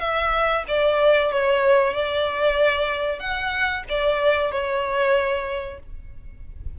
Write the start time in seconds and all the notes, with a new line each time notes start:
0.00 E5
0.68 D5
1.31 C#5
1.93 D5
3.19 F#5
3.89 D5
4.51 C#5